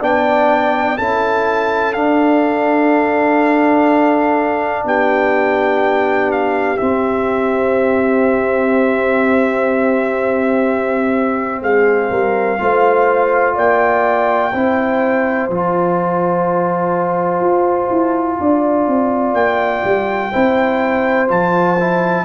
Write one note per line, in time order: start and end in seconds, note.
0.00 0.98 B3
0.00 0.97 D4
0.00 0.97 D5
0.00 0.97 G5
0.97 1.94 C#4
0.97 1.93 E4
0.97 4.85 A4
0.97 1.93 A5
1.93 6.77 D4
1.93 4.84 D4
1.93 4.83 F5
4.84 6.77 B3
4.84 11.62 G4
4.84 6.31 G5
6.31 6.77 F5
6.77 12.58 C4
6.77 11.61 C4
6.77 11.61 E5
11.61 12.10 G#3
11.61 12.10 G#4
11.61 13.56 F5
12.10 12.59 G3
12.10 12.59 A#4
12.59 13.56 A3
12.59 14.52 F4
12.59 13.54 C5
13.54 14.53 A#3
13.54 14.51 D5
13.54 15.50 G5
14.52 15.49 C4
14.52 15.50 E4
14.52 18.39 C5
15.49 17.40 F3
15.49 20.32 F4
15.49 19.34 A5
17.40 17.89 F4
17.90 18.38 E4
18.40 18.87 D4
18.40 20.31 D5
18.87 19.33 C4
19.33 19.82 A#3
19.33 21.28 G5
19.84 20.33 G3
20.31 21.30 C4
20.31 21.28 E4
20.31 22.25 C5
21.28 22.25 F3
21.28 21.76 F4
21.28 22.25 A5
21.79 22.25 E4